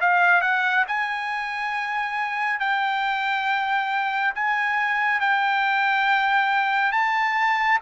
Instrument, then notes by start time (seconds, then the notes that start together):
trumpet
0.00 F5
0.41 F#5
0.87 G#5
2.59 G5
4.34 G#5
5.20 G5
6.92 A5